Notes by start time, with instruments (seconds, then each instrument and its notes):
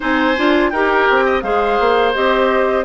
0.00 bassoon C4, clarinet D#4, oboe C5, flute G#5
0.36 bassoon D4, clarinet F4
0.69 bassoon D#4, clarinet G4, oboe A#4, flute G5
1.09 bassoon C4
1.25 oboe D#5
1.41 bassoon G#3, clarinet G#4, oboe C5, flute F5
1.79 bassoon A#3
2.14 bassoon C4, clarinet G4, flute D#5